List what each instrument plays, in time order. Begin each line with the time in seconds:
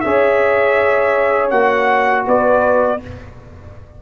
0.00 tuba C#4, trombone G#4, horn C#5, trumpet E5
1.50 tuba A#3, trombone F#4, trumpet F#5
2.26 tuba B3, horn B4, trumpet D5